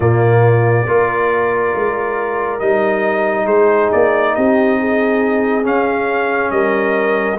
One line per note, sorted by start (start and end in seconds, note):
0.00 0.86 A#2
0.00 0.87 A#3
0.00 0.86 F4
0.00 2.59 D5
0.87 1.74 A#3
0.87 2.59 F4
0.87 3.45 A#4
1.74 2.60 G#3
2.59 3.46 G3
2.59 5.63 D#4
2.59 3.46 D#5
3.45 3.89 G#3
3.45 4.32 G#4
3.45 3.90 C5
3.92 4.36 A#3
3.92 4.35 D5
4.35 5.66 C4
4.35 4.79 G4
4.35 5.65 D#5
4.79 6.52 G#4
5.63 7.37 C#4
5.63 6.51 C#4
5.63 6.50 F5
6.50 7.37 G3
6.50 7.38 A#4
6.50 7.37 D#5